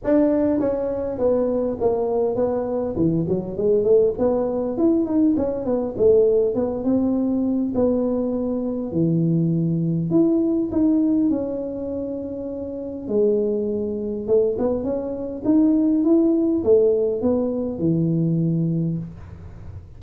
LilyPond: \new Staff \with { instrumentName = "tuba" } { \time 4/4 \tempo 4 = 101 d'4 cis'4 b4 ais4 | b4 e8 fis8 gis8 a8 b4 | e'8 dis'8 cis'8 b8 a4 b8 c'8~ | c'4 b2 e4~ |
e4 e'4 dis'4 cis'4~ | cis'2 gis2 | a8 b8 cis'4 dis'4 e'4 | a4 b4 e2 | }